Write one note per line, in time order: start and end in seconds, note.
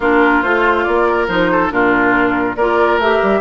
0.00 0.43 A#3
0.00 0.43 D4
0.00 1.07 F4
0.00 0.42 A#4
0.42 0.86 A3
0.42 1.29 F4
0.42 0.83 C5
0.83 1.28 A#3
0.83 1.26 D5
1.08 1.51 A#4
1.28 1.71 F3
1.28 1.69 D#4
1.28 1.71 C5
1.51 1.72 A4
1.69 2.56 A#2
1.69 2.55 D4
1.69 2.56 F4
1.69 2.56 A#4
2.56 2.98 A#3
2.56 3.01 F4
2.56 3.40 A#4
2.56 2.99 D5
2.98 3.19 A3
2.98 3.40 G4
2.98 3.40 E5
3.22 3.40 G3